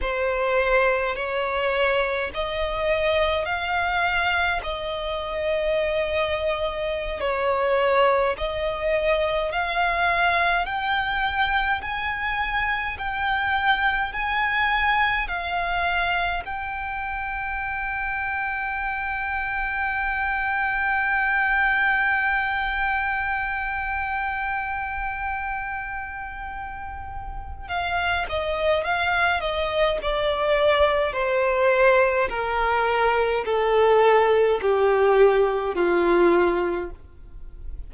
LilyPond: \new Staff \with { instrumentName = "violin" } { \time 4/4 \tempo 4 = 52 c''4 cis''4 dis''4 f''4 | dis''2~ dis''16 cis''4 dis''8.~ | dis''16 f''4 g''4 gis''4 g''8.~ | g''16 gis''4 f''4 g''4.~ g''16~ |
g''1~ | g''1 | f''8 dis''8 f''8 dis''8 d''4 c''4 | ais'4 a'4 g'4 f'4 | }